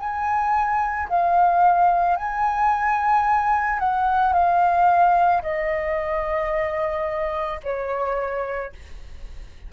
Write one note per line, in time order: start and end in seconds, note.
0.00 1.09 G#5
1.10 2.17 F5
2.17 3.80 G#5
3.80 4.33 F#5
4.33 5.42 F5
5.42 7.61 D#5
7.64 8.73 C#5